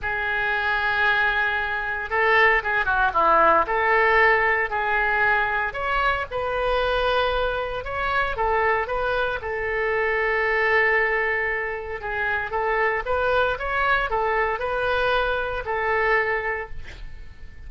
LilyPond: \new Staff \with { instrumentName = "oboe" } { \time 4/4 \tempo 4 = 115 gis'1 | a'4 gis'8 fis'8 e'4 a'4~ | a'4 gis'2 cis''4 | b'2. cis''4 |
a'4 b'4 a'2~ | a'2. gis'4 | a'4 b'4 cis''4 a'4 | b'2 a'2 | }